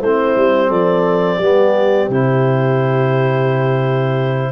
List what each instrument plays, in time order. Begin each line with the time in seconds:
0.00 tuba A3, trombone C4, horn E4, clarinet C5
0.36 tuba G3
0.68 tuba F3, horn A4, clarinet D5
1.35 tuba G3, trombone B3, horn G4
2.09 tuba C3, trombone E4, clarinet C5